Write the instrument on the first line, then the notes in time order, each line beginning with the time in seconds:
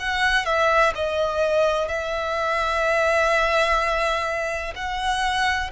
violin
0.00 F#5
0.46 E5
0.95 D#5
1.89 E5
4.76 F#5